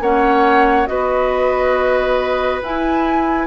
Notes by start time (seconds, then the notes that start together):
0.00 A#3 C#4 C#5 F#5
0.86 B3 F#4 B4 D#5
2.62 E4 G#5